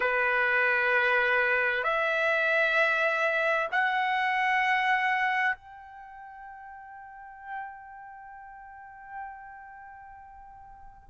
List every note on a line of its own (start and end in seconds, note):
0.00 1.83 B4
1.83 3.68 E5
3.71 5.55 F#5
5.55 11.09 G5